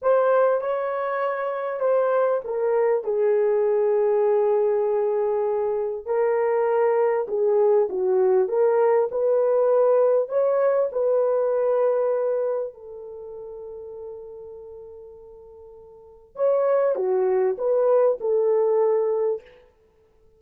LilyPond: \new Staff \with { instrumentName = "horn" } { \time 4/4 \tempo 4 = 99 c''4 cis''2 c''4 | ais'4 gis'2.~ | gis'2 ais'2 | gis'4 fis'4 ais'4 b'4~ |
b'4 cis''4 b'2~ | b'4 a'2.~ | a'2. cis''4 | fis'4 b'4 a'2 | }